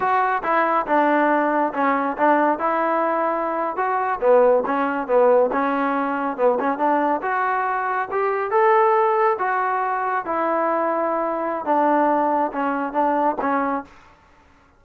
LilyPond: \new Staff \with { instrumentName = "trombone" } { \time 4/4 \tempo 4 = 139 fis'4 e'4 d'2 | cis'4 d'4 e'2~ | e'8. fis'4 b4 cis'4 b16~ | b8. cis'2 b8 cis'8 d'16~ |
d'8. fis'2 g'4 a'16~ | a'4.~ a'16 fis'2 e'16~ | e'2. d'4~ | d'4 cis'4 d'4 cis'4 | }